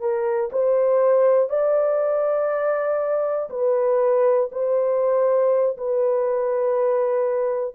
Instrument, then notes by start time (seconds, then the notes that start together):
horn
0.00 A#4
0.52 C5
1.49 D5
3.50 B4
4.51 C5
5.77 B4